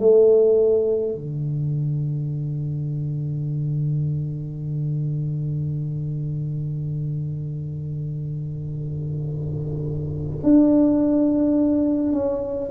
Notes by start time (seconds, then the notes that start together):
0.00 A3
1.15 D3
10.43 D4
12.13 C#4